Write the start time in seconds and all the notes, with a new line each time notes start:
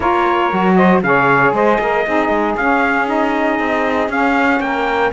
0.00 A#3 F4 A#4 C#5
0.50 F#3 F#4
0.76 C5 D#5
1.02 C#3 G#4 C#5 F5
1.51 G#3 C5 D#5
1.80 A#3 A#4
2.05 C4 D#4 G#4
2.28 G#3
2.57 C#4 F5
3.06 D#4 D#5
3.59 C4
4.08 C#4 F5
4.60 A#3 A#4 G5